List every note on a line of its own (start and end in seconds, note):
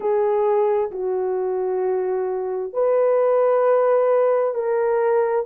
0.00 0.90 G#4
0.91 2.73 F#4
2.73 4.54 B4
4.54 5.45 A#4